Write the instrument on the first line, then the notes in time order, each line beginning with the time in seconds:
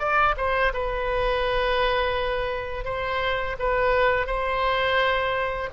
oboe
0.00 D5
0.37 C5
0.74 B4
2.85 C5
3.59 B4
4.27 C5